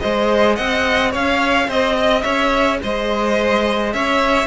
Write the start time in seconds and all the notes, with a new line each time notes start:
0.00 G#3 G#4 C5 D#5
0.56 C4 D#5 F#5
1.11 C#4 C#5 F5
1.67 C4 C5 D#5
1.97 D#5
2.21 C#4 C#5 E5
2.83 G#3 C5 D#5
3.93 C#4 C#5 E5